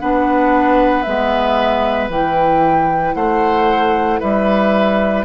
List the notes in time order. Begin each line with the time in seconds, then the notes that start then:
0.00 B3 D4 B4 F#5
1.03 G#3 B3 E5
2.09 E3 E4 G5
3.15 A3 C5 F#5
4.20 G3 B4 E5